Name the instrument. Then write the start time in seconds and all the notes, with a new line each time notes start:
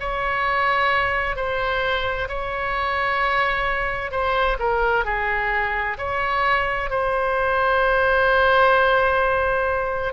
oboe
0.00 C#5
1.36 C5
2.29 C#5
4.11 C5
4.59 A#4
5.05 G#4
5.98 C#5
6.90 C5